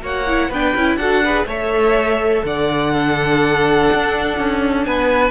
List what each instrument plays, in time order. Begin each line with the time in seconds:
0.00 cello A#3, viola F#4, violin C#5 F#5
0.27 viola E4
0.50 cello B3, viola D4, violin B4 G5
0.75 cello C#4, viola E4
0.96 cello D4, viola F#4, violin A4 F#5
1.24 viola G#4, violin B4
1.46 cello A3, viola A4, violin C#5 E5
2.45 cello D3, violin D5 F#5
2.93 viola D4, violin A4
3.93 cello D4
4.39 cello C#4
4.85 cello B3, violin B4 G#5